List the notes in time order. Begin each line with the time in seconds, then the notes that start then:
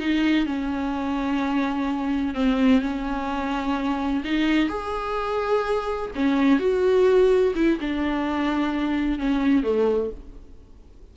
0.00 D#4
0.46 C#4
2.35 C4
2.82 C#4
4.25 D#4
4.69 G#4
6.15 C#4
6.60 F#4
7.56 E4
7.81 D4
9.19 C#4
9.64 A3